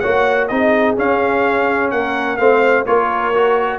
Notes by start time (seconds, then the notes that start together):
0.00 A#3 F#4 C#5 F#5
0.48 C4 D#4 G#4 D#5
0.97 C#4 F5
1.91 A#3 A#4 F#5
2.37 A3 C4 C5 F5
2.86 A#3 F4 A#4 C#5
3.34 F#4